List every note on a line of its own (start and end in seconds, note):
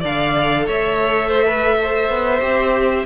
0.00 0.67 D3
0.00 2.40 A4
0.00 0.64 D5
0.00 0.68 F5
0.66 2.09 A3
0.66 1.28 C#5
0.66 3.05 E5
1.28 1.44 C5
1.45 1.77 B4
1.81 3.05 C5
2.09 2.40 B3
2.40 3.05 C4
2.40 3.04 G4